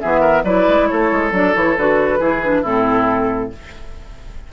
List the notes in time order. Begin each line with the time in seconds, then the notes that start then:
0.00 E3 B3 G#4 E5
0.21 A#4
0.44 F#3 E4 B4 D5
0.68 G#3
0.87 A3 A4 C#5
1.12 G#3
1.32 F#3 D4 D5
1.53 E3 E4 C#5
1.77 D3 F#4 B4
2.20 E3 E4 G#4
2.43 D4
2.62 A2 C4 E4 A4